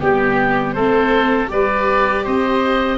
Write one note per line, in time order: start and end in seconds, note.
0.00 0.76 G3
0.00 0.75 B3
0.00 0.73 G4
0.00 0.75 G4
0.73 1.51 A3
0.73 1.47 C4
0.73 1.50 A4
0.73 1.48 C5
1.47 2.26 G3
1.47 2.97 G4
1.47 2.24 B4
1.47 2.26 D5
2.24 2.98 C4
2.24 2.98 C5
2.24 2.98 D#5